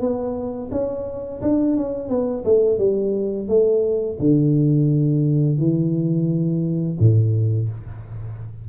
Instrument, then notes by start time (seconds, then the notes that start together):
tuba
0.00 B3
0.71 C#4
1.42 D4
1.76 C#4
2.09 B3
2.45 A3
2.78 G3
3.48 A3
4.19 D3
5.58 E3
6.99 A2